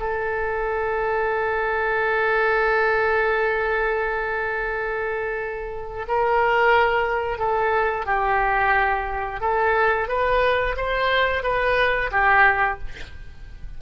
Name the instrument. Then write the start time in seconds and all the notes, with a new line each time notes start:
oboe
0.00 A4
6.08 A#4
7.39 A4
8.06 G4
9.41 A4
10.09 B4
10.77 C5
11.44 B4
12.12 G4